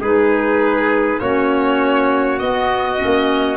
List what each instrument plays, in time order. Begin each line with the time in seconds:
0.00 tuba G#3, clarinet D#4, trumpet G#4, violin B4
1.20 tuba A#3, clarinet C#4, trumpet F#4, violin C#5
2.39 clarinet B3, tuba B3, violin D#5
2.97 clarinet C#4
3.04 tuba A#3